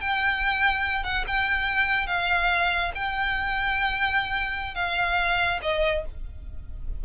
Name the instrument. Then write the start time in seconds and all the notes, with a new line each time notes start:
violin
0.00 G5
1.03 F#5
1.27 G5
2.07 F5
2.95 G5
4.75 F5
5.62 D#5